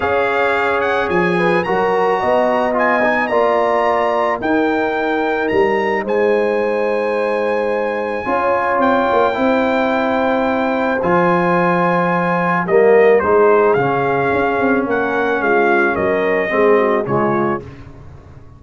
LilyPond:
<<
  \new Staff \with { instrumentName = "trumpet" } { \time 4/4 \tempo 4 = 109 f''4. fis''8 gis''4 ais''4~ | ais''4 gis''4 ais''2 | g''2 ais''4 gis''4~ | gis''1 |
g''1 | gis''2. dis''4 | c''4 f''2 fis''4 | f''4 dis''2 cis''4 | }
  \new Staff \with { instrumentName = "horn" } { \time 4/4 cis''2~ cis''8 b'8 ais'4 | dis''2 d''2 | ais'2. c''4~ | c''2. cis''4~ |
cis''4 c''2.~ | c''2. ais'4 | gis'2. ais'4 | f'4 ais'4 gis'8 fis'8 f'4 | }
  \new Staff \with { instrumentName = "trombone" } { \time 4/4 gis'2. fis'4~ | fis'4 f'8 dis'8 f'2 | dis'1~ | dis'2. f'4~ |
f'4 e'2. | f'2. ais4 | dis'4 cis'2.~ | cis'2 c'4 gis4 | }
  \new Staff \with { instrumentName = "tuba" } { \time 4/4 cis'2 f4 fis4 | b2 ais2 | dis'2 g4 gis4~ | gis2. cis'4 |
c'8 ais8 c'2. | f2. g4 | gis4 cis4 cis'8 c'8 ais4 | gis4 fis4 gis4 cis4 | }
>>